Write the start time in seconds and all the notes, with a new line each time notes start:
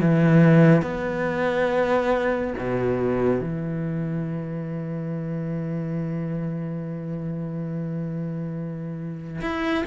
0.00 E3
0.82 B3
2.58 B2
3.41 E3
9.41 E4